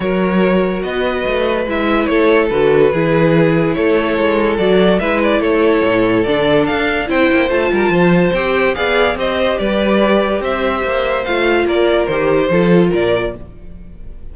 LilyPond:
<<
  \new Staff \with { instrumentName = "violin" } { \time 4/4 \tempo 4 = 144 cis''2 dis''2 | e''4 cis''4 b'2~ | b'4 cis''2 d''4 | e''8 d''8 cis''2 d''4 |
f''4 g''4 a''2 | g''4 f''4 dis''4 d''4~ | d''4 e''2 f''4 | d''4 c''2 d''4 | }
  \new Staff \with { instrumentName = "violin" } { \time 4/4 ais'2 b'2~ | b'4 a'2 gis'4~ | gis'4 a'2. | b'4 a'2.~ |
a'4 c''4. ais'8 c''4~ | c''4 d''4 c''4 b'4~ | b'4 c''2. | ais'2 a'4 ais'4 | }
  \new Staff \with { instrumentName = "viola" } { \time 4/4 fis'1 | e'2 fis'4 e'4~ | e'2. fis'4 | e'2. d'4~ |
d'4 e'4 f'2 | g'4 gis'4 g'2~ | g'2. f'4~ | f'4 g'4 f'2 | }
  \new Staff \with { instrumentName = "cello" } { \time 4/4 fis2 b4 a4 | gis4 a4 d4 e4~ | e4 a4 gis4 fis4 | gis4 a4 a,4 d4 |
d'4 c'8 ais8 a8 g8 f4 | c'4 b4 c'4 g4~ | g4 c'4 ais4 a4 | ais4 dis4 f4 ais,4 | }
>>